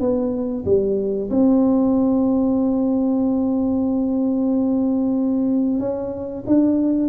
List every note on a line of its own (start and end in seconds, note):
0.00 0.65 B3
0.65 1.30 G3
1.30 5.79 C4
5.79 6.44 C#4
6.46 7.09 D4